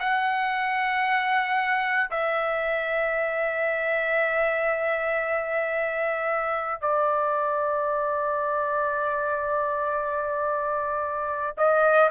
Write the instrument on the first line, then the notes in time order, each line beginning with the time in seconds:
trumpet
0.00 F#5
2.11 E5
6.81 D5
11.57 D#5